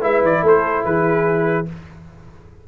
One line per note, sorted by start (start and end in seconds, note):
0.00 0.22 G#3
0.00 1.65 E4
0.00 0.41 B4
0.00 0.24 E5
0.22 0.42 E3
0.22 0.46 D5
0.43 0.84 A3
0.43 0.84 A4
0.43 0.85 C5
0.84 1.66 E3
0.84 1.67 G#4
0.84 1.67 B4